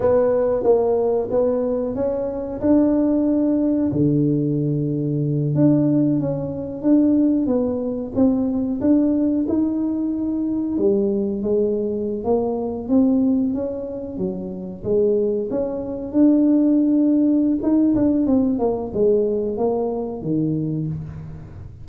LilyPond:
\new Staff \with { instrumentName = "tuba" } { \time 4/4 \tempo 4 = 92 b4 ais4 b4 cis'4 | d'2 d2~ | d8 d'4 cis'4 d'4 b8~ | b8 c'4 d'4 dis'4.~ |
dis'8 g4 gis4~ gis16 ais4 c'16~ | c'8. cis'4 fis4 gis4 cis'16~ | cis'8. d'2~ d'16 dis'8 d'8 | c'8 ais8 gis4 ais4 dis4 | }